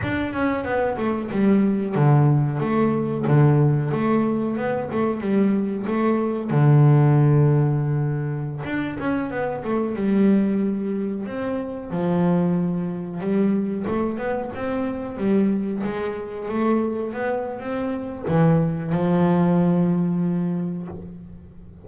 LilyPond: \new Staff \with { instrumentName = "double bass" } { \time 4/4 \tempo 4 = 92 d'8 cis'8 b8 a8 g4 d4 | a4 d4 a4 b8 a8 | g4 a4 d2~ | d4~ d16 d'8 cis'8 b8 a8 g8.~ |
g4~ g16 c'4 f4.~ f16~ | f16 g4 a8 b8 c'4 g8.~ | g16 gis4 a4 b8. c'4 | e4 f2. | }